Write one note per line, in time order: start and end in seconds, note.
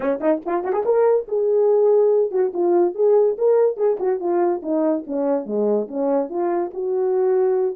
0.00 0.19 C#4
0.20 0.41 D#4
0.45 0.64 F4
0.64 0.72 F#4
0.72 0.83 G#4
0.85 1.27 A#4
1.28 2.31 G#4
2.31 2.52 F#4
2.53 2.94 F4
2.94 3.36 G#4
3.38 3.76 A#4
3.76 3.97 G#4
3.99 4.19 F#4
4.19 4.61 F4
4.62 5.04 D#4
5.07 5.45 C#4
5.45 5.87 G#3
5.88 6.29 C#4
6.29 6.71 F4
6.73 7.76 F#4